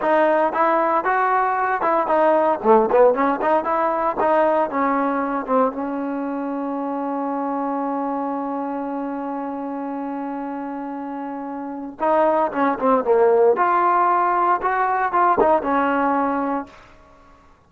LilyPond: \new Staff \with { instrumentName = "trombone" } { \time 4/4 \tempo 4 = 115 dis'4 e'4 fis'4. e'8 | dis'4 a8 b8 cis'8 dis'8 e'4 | dis'4 cis'4. c'8 cis'4~ | cis'1~ |
cis'1~ | cis'2. dis'4 | cis'8 c'8 ais4 f'2 | fis'4 f'8 dis'8 cis'2 | }